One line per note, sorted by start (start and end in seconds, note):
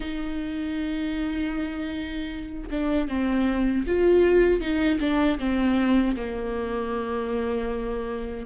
0.00 2.69 D#4
2.70 3.08 D4
3.08 3.85 C4
3.87 4.60 F4
4.60 4.99 D#4
5.00 5.38 D4
5.38 6.15 C4
6.16 8.46 A#3